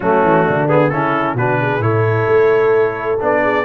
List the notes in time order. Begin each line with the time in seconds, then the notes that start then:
0.00 F#3 A3 C#4 F#4
0.23 E3
0.44 D3 D4
0.68 B3 G#4
0.89 C#3 C#4 E4 A4
1.34 B2 D4 F#4 B4
1.60 G#4
1.79 A2 E4 A4 C#5
2.27 A3
3.20 B3 D4 D5
3.42 G#4